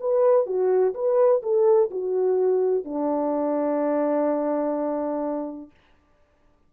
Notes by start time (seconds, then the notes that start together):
0.00 B4
0.46 F#4
0.94 B4
1.42 A4
1.90 F#4
2.84 D4